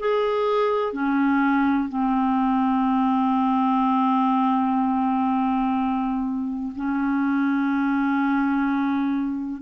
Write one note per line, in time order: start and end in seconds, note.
0.00 0.93 G#4
0.93 1.89 C#4
1.89 6.73 C4
6.76 9.62 C#4